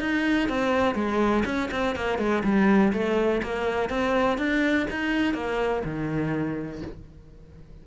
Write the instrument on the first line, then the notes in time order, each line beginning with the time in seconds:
cello
0.00 D#4
0.49 C4
0.95 G#3
1.45 C#4
1.71 C4
1.95 A#3
2.18 G#3
2.43 G3
2.93 A3
3.42 A#3
3.89 C4
4.38 D4
4.90 D#4
5.34 A#3
5.84 D#3